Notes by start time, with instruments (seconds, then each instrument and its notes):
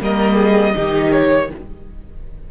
0.00 cello G3, viola A#3, violin A#4 D#5
0.35 violin G#4
0.74 cello D#3, viola D#4, violin G4
1.12 violin C#5